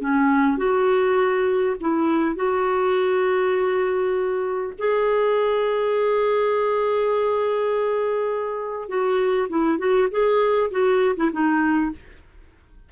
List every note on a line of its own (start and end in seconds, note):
0.00 0.57 C#4
0.57 1.76 F#4
1.80 2.35 E4
2.35 4.73 F#4
4.78 8.88 G#4
8.88 9.48 F#4
9.49 9.78 E4
9.78 10.08 F#4
10.11 10.70 G#4
10.71 11.15 F#4
11.16 11.31 E4
11.32 11.91 D#4